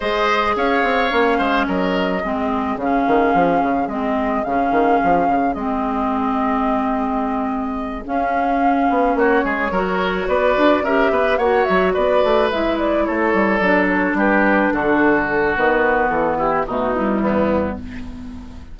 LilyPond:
<<
  \new Staff \with { instrumentName = "flute" } { \time 4/4 \tempo 4 = 108 dis''4 f''2 dis''4~ | dis''4 f''2 dis''4 | f''2 dis''2~ | dis''2~ dis''8 f''4.~ |
f''8 cis''2 d''4 e''8~ | e''8 fis''8 e''8 d''4 e''8 d''8 cis''8~ | cis''8 d''8 cis''8 b'4 a'4. | b'4 a'8 g'8 fis'8 e'4. | }
  \new Staff \with { instrumentName = "oboe" } { \time 4/4 c''4 cis''4. c''8 ais'4 | gis'1~ | gis'1~ | gis'1~ |
gis'8 fis'8 gis'8 ais'4 b'4 ais'8 | b'8 cis''4 b'2 a'8~ | a'4. g'4 fis'4.~ | fis'4. e'8 dis'4 b4 | }
  \new Staff \with { instrumentName = "clarinet" } { \time 4/4 gis'2 cis'2 | c'4 cis'2 c'4 | cis'2 c'2~ | c'2~ c'8 cis'4.~ |
cis'4. fis'2 g'8~ | g'8 fis'2 e'4.~ | e'8 d'2.~ d'8 | b2 a8 g4. | }
  \new Staff \with { instrumentName = "bassoon" } { \time 4/4 gis4 cis'8 c'8 ais8 gis8 fis4 | gis4 cis8 dis8 f8 cis8 gis4 | cis8 dis8 f8 cis8 gis2~ | gis2~ gis8 cis'4. |
b8 ais8 gis8 fis4 b8 d'8 cis'8 | b8 ais8 fis8 b8 a8 gis4 a8 | g8 fis4 g4 d4. | dis4 e4 b,4 e,4 | }
>>